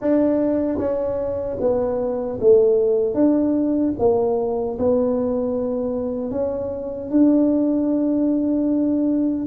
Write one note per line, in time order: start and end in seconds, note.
0.01 0.78 D4
0.78 1.57 C#4
1.60 2.39 B3
2.40 3.14 A3
3.14 3.93 D4
3.99 4.78 A#3
4.78 6.31 B3
6.31 7.10 C#4
7.10 9.46 D4